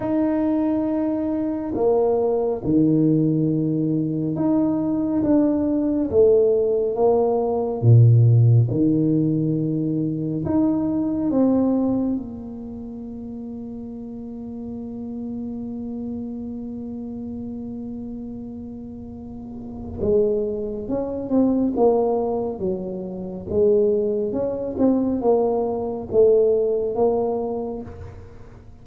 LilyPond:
\new Staff \with { instrumentName = "tuba" } { \time 4/4 \tempo 4 = 69 dis'2 ais4 dis4~ | dis4 dis'4 d'4 a4 | ais4 ais,4 dis2 | dis'4 c'4 ais2~ |
ais1~ | ais2. gis4 | cis'8 c'8 ais4 fis4 gis4 | cis'8 c'8 ais4 a4 ais4 | }